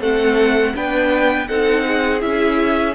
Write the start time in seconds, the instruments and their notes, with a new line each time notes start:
0.00 cello A3, viola C4, violin A4 F#5
0.74 cello B3, viola D4, violin B4 G5
1.47 cello C4, viola D#4, violin A4 F#5
1.87 violin G#4
2.20 cello C#4, viola E4, violin E5